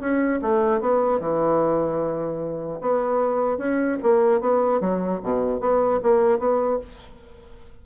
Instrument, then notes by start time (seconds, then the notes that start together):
bassoon
0.00 C#4
0.42 A3
0.80 B3
1.20 E3
2.81 B3
3.58 C#4
4.03 A#3
4.40 B3
4.80 F#3
5.23 B2
5.60 B3
6.02 A#3
6.39 B3